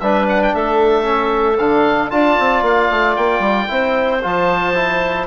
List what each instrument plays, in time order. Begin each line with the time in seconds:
0.00 bassoon G3, trombone D4, clarinet B4, oboe E5
0.29 oboe F#5
0.43 oboe G5
0.54 bassoon A3, clarinet A4, oboe E5
1.03 trombone C#4
1.58 bassoon D3, trombone D4, oboe F5
2.10 bassoon D4, trombone F4, clarinet D5, oboe A5
2.39 bassoon C4
2.62 bassoon A#3, oboe F5
2.91 bassoon A3
3.16 bassoon A#3, oboe G5
3.40 bassoon G3
3.68 bassoon C4, trombone E4, clarinet C5
4.22 bassoon F3, trombone F4, oboe A5
4.75 trombone E4